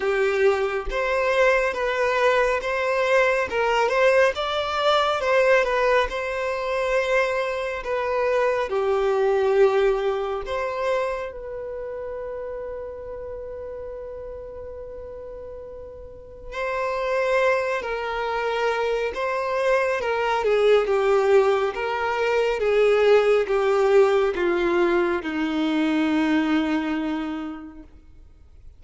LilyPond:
\new Staff \with { instrumentName = "violin" } { \time 4/4 \tempo 4 = 69 g'4 c''4 b'4 c''4 | ais'8 c''8 d''4 c''8 b'8 c''4~ | c''4 b'4 g'2 | c''4 b'2.~ |
b'2. c''4~ | c''8 ais'4. c''4 ais'8 gis'8 | g'4 ais'4 gis'4 g'4 | f'4 dis'2. | }